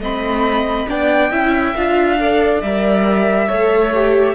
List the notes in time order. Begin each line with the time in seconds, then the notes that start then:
0.00 A3 C4 D#5 B5
0.89 B3 D4 D5 G5
1.32 C#4 E4 E5
1.76 D4 F4 F5
2.20 A4 D5
2.61 G3 A#4 E5
3.49 A3 A4 C#5
3.95 G4